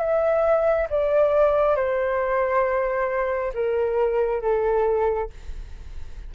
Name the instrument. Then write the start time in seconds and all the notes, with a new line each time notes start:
flute
0.00 E5
0.90 D5
1.76 C5
3.55 A#4
4.42 A4